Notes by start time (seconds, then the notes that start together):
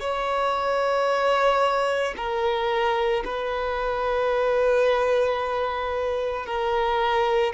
0.00 C#5
2.16 A#4
3.25 B4
6.46 A#4